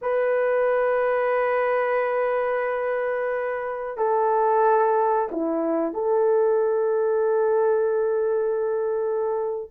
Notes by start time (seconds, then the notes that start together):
0.01 B4
3.97 A4
5.31 E4
5.93 A4